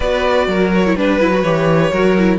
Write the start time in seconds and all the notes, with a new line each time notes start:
0.00 B3 F#4 B4 D5
0.47 F#3 A#4
0.73 C#5
0.86 E4
0.95 G3 D4 B4
1.20 F#3 E4
1.33 F#4
1.42 E3 G4 C#5
1.91 F#3 F#4 A#4
2.17 E4